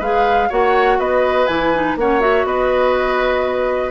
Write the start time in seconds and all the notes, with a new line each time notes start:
0.00 G#3 G#4 B4 F5
0.49 A#3 F#4 C#5 F#5
0.99 B3 B4 D#5
1.47 E3 E4 G#5
1.74 D#4
1.96 A#3 C#4 C#5 F#5
2.21 F#4 E5
2.45 B3 B4 D#5